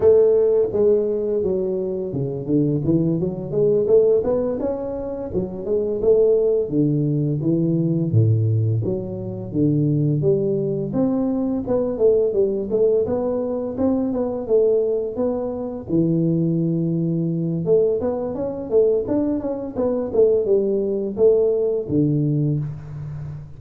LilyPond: \new Staff \with { instrumentName = "tuba" } { \time 4/4 \tempo 4 = 85 a4 gis4 fis4 cis8 d8 | e8 fis8 gis8 a8 b8 cis'4 fis8 | gis8 a4 d4 e4 a,8~ | a,8 fis4 d4 g4 c'8~ |
c'8 b8 a8 g8 a8 b4 c'8 | b8 a4 b4 e4.~ | e4 a8 b8 cis'8 a8 d'8 cis'8 | b8 a8 g4 a4 d4 | }